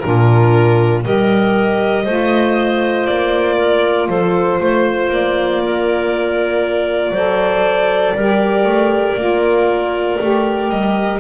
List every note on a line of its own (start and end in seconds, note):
0.00 1.06 A#2
0.00 1.02 D4
0.00 1.02 A#4
0.07 1.04 F4
1.02 2.07 G3
1.02 2.04 G4
1.02 2.04 A#4
1.02 3.07 D#5
2.04 3.08 A3
2.04 7.15 F4
2.04 3.57 C5
3.07 4.09 A#3
3.07 4.09 D5
3.58 4.08 A#4
4.09 4.60 F3
4.09 4.60 A4
4.09 5.11 C5
4.60 5.10 A3
4.60 5.62 C5
5.10 7.11 A#3
5.10 10.70 D5
5.65 7.12 A#4
7.11 8.13 F#3
7.11 8.17 A4
7.11 8.14 C5
8.15 8.65 G3
8.15 9.18 G4
8.15 11.20 A#4
8.65 9.16 A3
9.16 10.18 A#3
9.16 10.20 F4
10.21 10.70 A3
10.21 11.20 G4
10.70 11.20 G3
10.70 11.20 D#5